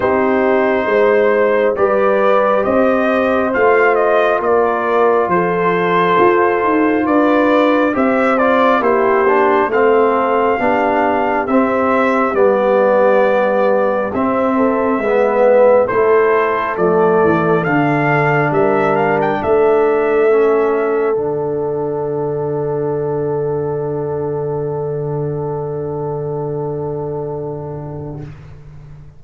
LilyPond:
<<
  \new Staff \with { instrumentName = "trumpet" } { \time 4/4 \tempo 4 = 68 c''2 d''4 dis''4 | f''8 dis''8 d''4 c''2 | d''4 e''8 d''8 c''4 f''4~ | f''4 e''4 d''2 |
e''2 c''4 d''4 | f''4 e''8 f''16 g''16 e''2 | fis''1~ | fis''1 | }
  \new Staff \with { instrumentName = "horn" } { \time 4/4 g'4 c''4 b'4 c''4~ | c''4 ais'4 a'2 | b'4 c''4 g'4 a'4 | g'1~ |
g'8 a'8 b'4 a'2~ | a'4 ais'4 a'2~ | a'1~ | a'1 | }
  \new Staff \with { instrumentName = "trombone" } { \time 4/4 dis'2 g'2 | f'1~ | f'4 g'8 f'8 e'8 d'8 c'4 | d'4 c'4 b2 |
c'4 b4 e'4 a4 | d'2. cis'4 | d'1~ | d'1 | }
  \new Staff \with { instrumentName = "tuba" } { \time 4/4 c'4 gis4 g4 c'4 | a4 ais4 f4 f'8 dis'8 | d'4 c'4 ais4 a4 | b4 c'4 g2 |
c'4 gis4 a4 f8 e8 | d4 g4 a2 | d1~ | d1 | }
>>